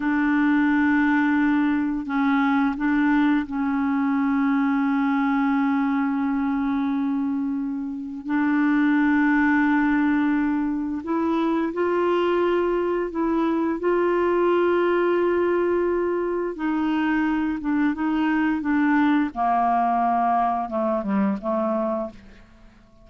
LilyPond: \new Staff \with { instrumentName = "clarinet" } { \time 4/4 \tempo 4 = 87 d'2. cis'4 | d'4 cis'2.~ | cis'1 | d'1 |
e'4 f'2 e'4 | f'1 | dis'4. d'8 dis'4 d'4 | ais2 a8 g8 a4 | }